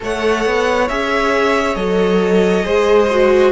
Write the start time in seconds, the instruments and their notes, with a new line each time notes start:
0.00 cello A3, viola A4, violin C#5 F#5
0.45 cello B3
0.88 cello C#4, viola G#4, violin E5
1.75 cello F#3, viola A4, violin D#5
2.63 cello G#3, viola G#4, violin C5
3.10 viola F#4